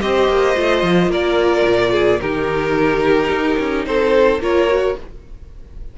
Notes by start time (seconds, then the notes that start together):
0.00 C4 G4 C5 D#5
0.28 A#3
0.55 A3 F4
0.83 F3
1.07 A#3 A#4 D5
1.66 A#2
1.93 G#4
2.20 D#3 D#4 G4 A#4
3.29 D#4
3.59 C#4
3.86 C4 A4 C5
4.40 A#3 F4 A#4 C#5
4.69 F#4